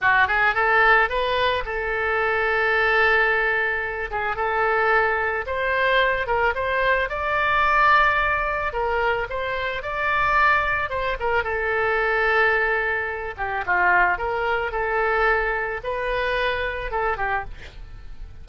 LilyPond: \new Staff \with { instrumentName = "oboe" } { \time 4/4 \tempo 4 = 110 fis'8 gis'8 a'4 b'4 a'4~ | a'2.~ a'8 gis'8 | a'2 c''4. ais'8 | c''4 d''2. |
ais'4 c''4 d''2 | c''8 ais'8 a'2.~ | a'8 g'8 f'4 ais'4 a'4~ | a'4 b'2 a'8 g'8 | }